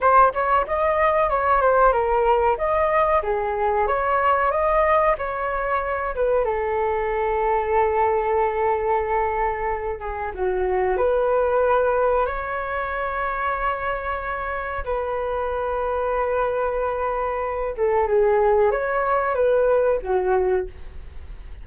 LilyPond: \new Staff \with { instrumentName = "flute" } { \time 4/4 \tempo 4 = 93 c''8 cis''8 dis''4 cis''8 c''8 ais'4 | dis''4 gis'4 cis''4 dis''4 | cis''4. b'8 a'2~ | a'2.~ a'8 gis'8 |
fis'4 b'2 cis''4~ | cis''2. b'4~ | b'2.~ b'8 a'8 | gis'4 cis''4 b'4 fis'4 | }